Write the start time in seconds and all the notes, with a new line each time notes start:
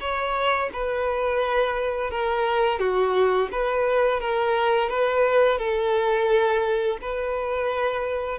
0.00 C#5
0.73 B4
2.11 A#4
2.79 F#4
3.52 B4
4.20 A#4
4.89 B4
5.58 A4
7.01 B4